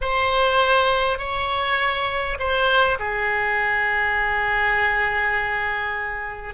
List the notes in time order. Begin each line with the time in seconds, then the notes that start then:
0.01 C5
1.18 C#5
2.39 C5
2.99 G#4